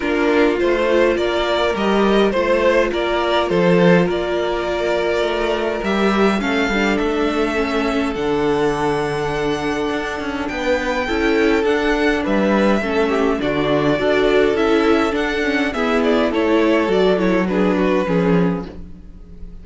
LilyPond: <<
  \new Staff \with { instrumentName = "violin" } { \time 4/4 \tempo 4 = 103 ais'4 c''4 d''4 dis''4 | c''4 d''4 c''4 d''4~ | d''2 e''4 f''4 | e''2 fis''2~ |
fis''2 g''2 | fis''4 e''2 d''4~ | d''4 e''4 fis''4 e''8 d''8 | cis''4 d''8 cis''8 b'2 | }
  \new Staff \with { instrumentName = "violin" } { \time 4/4 f'2 ais'2 | c''4 ais'4 a'4 ais'4~ | ais'2. a'4~ | a'1~ |
a'2 b'4 a'4~ | a'4 b'4 a'8 g'8 fis'4 | a'2. gis'4 | a'2 gis'8 fis'8 gis'4 | }
  \new Staff \with { instrumentName = "viola" } { \time 4/4 d'4 f'2 g'4 | f'1~ | f'2 g'4 cis'8 d'8~ | d'4 cis'4 d'2~ |
d'2. e'4 | d'2 cis'4 d'4 | fis'4 e'4 d'8 cis'8 b4 | e'4 fis'8 e'8 d'4 cis'4 | }
  \new Staff \with { instrumentName = "cello" } { \time 4/4 ais4 a4 ais4 g4 | a4 ais4 f4 ais4~ | ais4 a4 g4 a8 g8 | a2 d2~ |
d4 d'8 cis'8 b4 cis'4 | d'4 g4 a4 d4 | d'4 cis'4 d'4 e'4 | a4 fis2 f4 | }
>>